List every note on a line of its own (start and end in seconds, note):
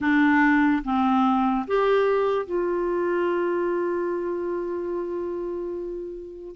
0.00 0.83 D4
0.84 1.66 C4
1.67 2.45 G4
2.45 6.55 F4